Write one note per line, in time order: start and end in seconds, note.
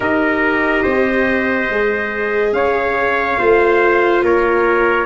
0.00 0.83 D#4
0.00 1.69 G4
0.00 0.82 A#4
0.00 2.53 D#5
0.82 1.69 C4
0.82 2.51 C5
1.69 2.52 G#3
1.69 3.38 G#4
2.52 3.37 C#4
2.52 3.39 C#5
2.52 4.22 F5
3.38 4.22 A3
3.38 5.05 F4
3.38 4.23 C5
4.22 5.05 A#3
4.22 5.05 A#4
4.22 5.05 C#5